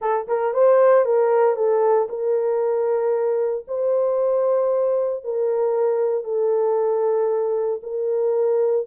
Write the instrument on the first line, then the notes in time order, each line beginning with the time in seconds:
horn
0.01 A4
0.27 A#4
0.53 C5
1.05 A#4
1.55 A4
2.09 A#4
3.67 C5
5.23 A#4
6.24 A4
7.82 A#4